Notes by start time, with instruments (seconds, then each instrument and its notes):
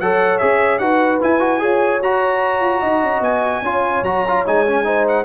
0.00 tuba F#3, trombone A4, horn C#5, trumpet F#5
0.38 tuba C#4, trombone G#4, trumpet E5
0.78 tuba D#4, trombone F#4, horn B4, trumpet F#5
1.21 trombone E4, tuba E4, trumpet G#5
1.39 trombone F#4
1.60 tuba F4, trombone G#4, horn C#5
2.00 tuba F#4, trombone F#4, trumpet A#5
2.61 tuba F4
2.80 tuba D#4, horn D#5
3.03 tuba C#4
3.21 tuba B3, trumpet G#5
3.62 tuba C#4, trombone F4, horn C#5
4.03 tuba F#3, trombone F#4, trumpet A#5
4.28 trombone F4
4.46 tuba G#3, trombone D#4, trumpet G#5
4.67 trombone C#4
4.84 trombone D#4, horn C5
5.08 trumpet F#5